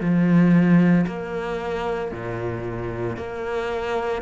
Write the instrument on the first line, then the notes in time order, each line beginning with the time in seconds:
cello
0.00 F3
1.06 A#3
2.11 A#2
3.16 A#3